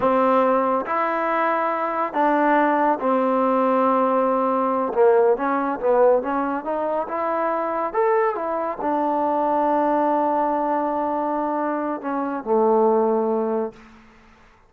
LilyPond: \new Staff \with { instrumentName = "trombone" } { \time 4/4 \tempo 4 = 140 c'2 e'2~ | e'4 d'2 c'4~ | c'2.~ c'8 ais8~ | ais8 cis'4 b4 cis'4 dis'8~ |
dis'8 e'2 a'4 e'8~ | e'8 d'2.~ d'8~ | d'1 | cis'4 a2. | }